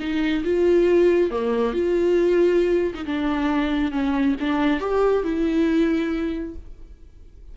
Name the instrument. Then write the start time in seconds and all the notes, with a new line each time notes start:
viola
0.00 D#4
0.44 F4
1.31 A#3
1.73 F4
2.94 D#4
3.06 D4
3.92 C#4
4.40 D4
4.80 G4
5.24 E4